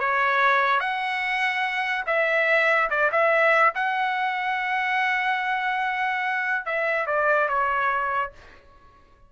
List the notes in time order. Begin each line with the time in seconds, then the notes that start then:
0.00 C#5
0.80 F#5
2.07 E5
2.90 D5
3.12 E5
3.75 F#5
6.66 E5
7.07 D5
7.49 C#5